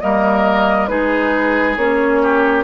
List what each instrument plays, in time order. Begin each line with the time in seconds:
0.00 bassoon G3, clarinet A#3, oboe A#4, flute D#5
0.87 bassoon G#3, clarinet D#4, oboe G#4, flute B4
1.76 bassoon A#3, clarinet C#4, flute C#5
2.22 oboe G4